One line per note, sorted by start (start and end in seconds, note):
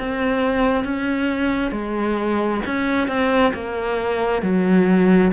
0.00 0.85 C4
0.85 1.72 C#4
1.72 2.62 G#3
2.67 3.09 C#4
3.09 3.53 C4
3.54 4.43 A#3
4.43 5.32 F#3